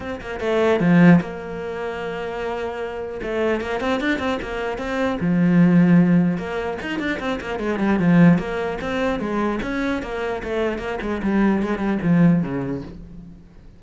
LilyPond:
\new Staff \with { instrumentName = "cello" } { \time 4/4 \tempo 4 = 150 c'8 ais8 a4 f4 ais4~ | ais1 | a4 ais8 c'8 d'8 c'8 ais4 | c'4 f2. |
ais4 dis'8 d'8 c'8 ais8 gis8 g8 | f4 ais4 c'4 gis4 | cis'4 ais4 a4 ais8 gis8 | g4 gis8 g8 f4 cis4 | }